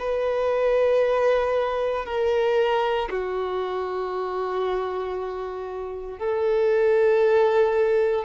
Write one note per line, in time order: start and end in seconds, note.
0.00 2.06 B4
2.06 3.09 A#4
3.10 6.19 F#4
6.19 8.26 A4